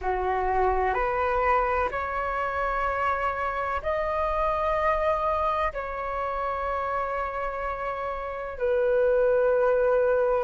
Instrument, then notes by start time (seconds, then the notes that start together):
flute
0.01 F#4
0.94 B4
1.91 C#5
3.82 D#5
5.73 C#5
8.58 B4